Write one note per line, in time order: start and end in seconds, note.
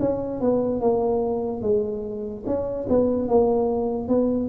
0.00 0.41 C#4
0.41 0.81 B3
0.81 1.62 A#3
1.62 2.44 G#3
2.47 2.88 C#4
2.90 3.29 B3
3.29 4.09 A#3
4.09 4.49 B3